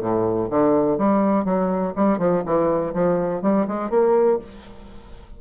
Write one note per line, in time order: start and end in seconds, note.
0.00 0.49 A2
0.50 0.98 D3
0.98 1.45 G3
1.45 1.93 F#3
1.95 2.18 G3
2.18 2.43 F3
2.45 2.93 E3
2.93 3.41 F3
3.41 3.66 G3
3.67 3.90 G#3
3.90 4.39 A#3